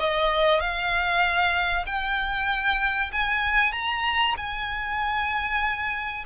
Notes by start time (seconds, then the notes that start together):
0.00 D#5
0.61 F5
1.86 G5
3.12 G#5
3.72 A#5
4.37 G#5